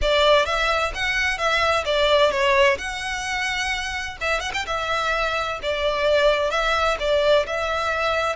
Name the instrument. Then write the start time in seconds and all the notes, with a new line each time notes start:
violin
0.01 D5
0.45 E5
0.94 F#5
1.38 E5
1.85 D5
2.31 C#5
2.77 F#5
4.20 E5
4.40 F#5
4.53 G5
4.66 E5
5.62 D5
6.51 E5
6.99 D5
7.46 E5